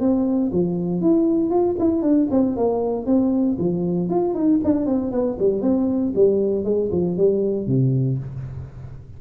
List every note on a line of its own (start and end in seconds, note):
0.00 0.51 C4
0.52 1.01 F3
1.01 1.50 E4
1.50 1.76 F4
1.79 2.02 E4
2.02 2.28 D4
2.31 2.56 C4
2.56 3.06 A#3
3.06 3.57 C4
3.58 4.09 F3
4.09 4.34 F4
4.34 4.60 D#4
4.64 4.86 D4
4.86 5.11 C4
5.11 5.37 B3
5.39 5.62 G3
5.62 6.13 C4
6.15 6.64 G3
6.64 6.90 G#3
6.92 7.17 F3
7.17 7.67 G3
7.67 8.18 C3